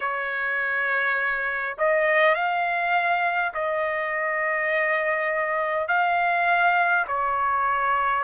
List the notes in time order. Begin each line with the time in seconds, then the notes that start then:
0.00 C#5
1.78 D#5
2.34 F5
3.53 D#5
5.88 F5
7.07 C#5